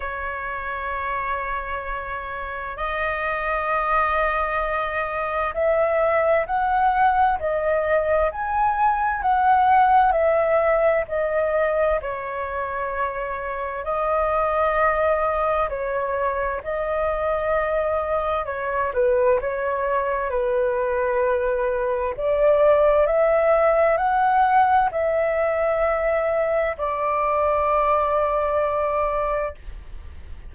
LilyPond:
\new Staff \with { instrumentName = "flute" } { \time 4/4 \tempo 4 = 65 cis''2. dis''4~ | dis''2 e''4 fis''4 | dis''4 gis''4 fis''4 e''4 | dis''4 cis''2 dis''4~ |
dis''4 cis''4 dis''2 | cis''8 b'8 cis''4 b'2 | d''4 e''4 fis''4 e''4~ | e''4 d''2. | }